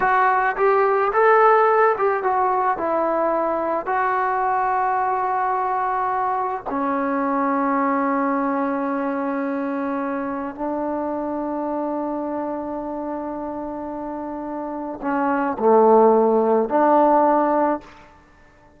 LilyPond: \new Staff \with { instrumentName = "trombone" } { \time 4/4 \tempo 4 = 108 fis'4 g'4 a'4. g'8 | fis'4 e'2 fis'4~ | fis'1 | cis'1~ |
cis'2. d'4~ | d'1~ | d'2. cis'4 | a2 d'2 | }